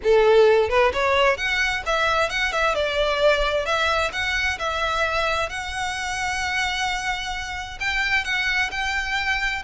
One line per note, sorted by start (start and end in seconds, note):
0.03 0.69 A4
0.69 0.92 B4
0.93 1.37 C#5
1.37 1.83 F#5
1.85 2.29 E5
2.29 2.52 F#5
2.52 2.74 E5
2.74 3.65 D5
3.65 4.11 E5
4.12 4.58 F#5
4.58 5.49 E5
5.49 7.78 F#5
7.79 8.24 G5
8.24 8.70 F#5
8.71 9.63 G5